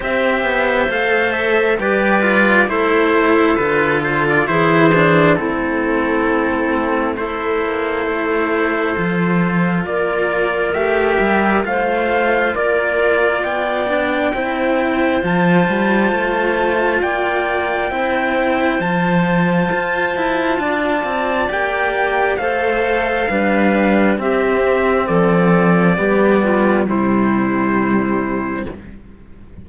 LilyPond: <<
  \new Staff \with { instrumentName = "trumpet" } { \time 4/4 \tempo 4 = 67 e''4 f''8 e''8 d''4 c''4 | b'8 c''16 d''16 c''4 a'2 | c''2. d''4 | e''4 f''4 d''4 g''4~ |
g''4 a''2 g''4~ | g''4 a''2. | g''4 f''2 e''4 | d''2 c''2 | }
  \new Staff \with { instrumentName = "clarinet" } { \time 4/4 c''2 b'4 a'4~ | a'4 gis'4 e'2 | a'2. ais'4~ | ais'4 c''4 ais'4 d''4 |
c''2. d''4 | c''2. d''4~ | d''4 c''4 b'4 g'4 | a'4 g'8 f'8 e'2 | }
  \new Staff \with { instrumentName = "cello" } { \time 4/4 g'4 a'4 g'8 f'8 e'4 | f'4 e'8 d'8 c'2 | e'2 f'2 | g'4 f'2~ f'8 d'8 |
e'4 f'2. | e'4 f'2. | g'4 a'4 d'4 c'4~ | c'4 b4 g2 | }
  \new Staff \with { instrumentName = "cello" } { \time 4/4 c'8 b8 a4 g4 a4 | d4 e4 a2~ | a8 ais8 a4 f4 ais4 | a8 g8 a4 ais4 b4 |
c'4 f8 g8 a4 ais4 | c'4 f4 f'8 e'8 d'8 c'8 | ais4 a4 g4 c'4 | f4 g4 c2 | }
>>